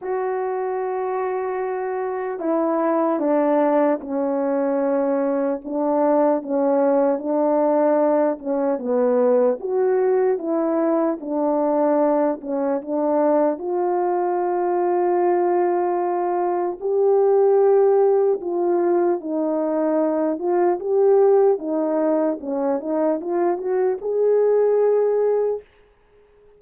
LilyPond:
\new Staff \with { instrumentName = "horn" } { \time 4/4 \tempo 4 = 75 fis'2. e'4 | d'4 cis'2 d'4 | cis'4 d'4. cis'8 b4 | fis'4 e'4 d'4. cis'8 |
d'4 f'2.~ | f'4 g'2 f'4 | dis'4. f'8 g'4 dis'4 | cis'8 dis'8 f'8 fis'8 gis'2 | }